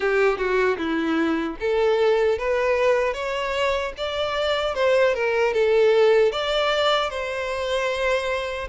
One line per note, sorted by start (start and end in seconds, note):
0.00 0.37 G4
0.37 0.77 F#4
0.77 1.56 E4
1.60 2.38 A4
2.38 3.13 B4
3.13 3.92 C#5
3.97 4.74 D5
4.74 5.14 C5
5.14 5.53 A#4
5.53 6.32 A4
6.32 7.09 D5
7.09 8.67 C5